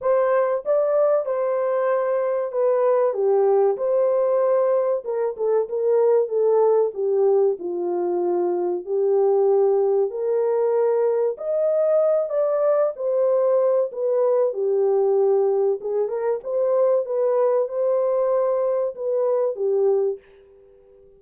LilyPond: \new Staff \with { instrumentName = "horn" } { \time 4/4 \tempo 4 = 95 c''4 d''4 c''2 | b'4 g'4 c''2 | ais'8 a'8 ais'4 a'4 g'4 | f'2 g'2 |
ais'2 dis''4. d''8~ | d''8 c''4. b'4 g'4~ | g'4 gis'8 ais'8 c''4 b'4 | c''2 b'4 g'4 | }